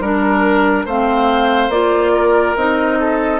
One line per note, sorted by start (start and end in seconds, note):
0.00 0.85 G3
0.00 0.87 D4
0.00 0.85 A#4
0.00 0.87 A#4
0.85 1.68 A3
0.85 1.71 C4
0.85 2.12 C5
0.85 1.70 F5
1.68 2.53 A#3
1.68 2.56 F4
1.68 2.55 D5
2.13 2.98 A#4
2.56 3.39 C4
2.56 3.39 D#4
2.56 3.39 D#5
3.00 3.39 A4